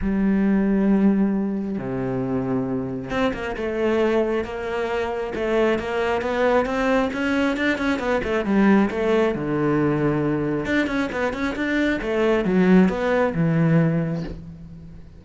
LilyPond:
\new Staff \with { instrumentName = "cello" } { \time 4/4 \tempo 4 = 135 g1 | c2. c'8 ais8 | a2 ais2 | a4 ais4 b4 c'4 |
cis'4 d'8 cis'8 b8 a8 g4 | a4 d2. | d'8 cis'8 b8 cis'8 d'4 a4 | fis4 b4 e2 | }